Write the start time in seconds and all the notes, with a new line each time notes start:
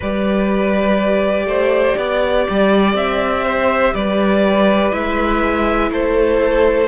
0.00 G3 G4 B4 D5
1.45 A3 C5
1.97 B3 D5
2.50 G3
2.93 C4 E5
3.44 C5
3.93 G3 B4 D5
4.91 G#3 E4 E5
5.91 A3 A4 C5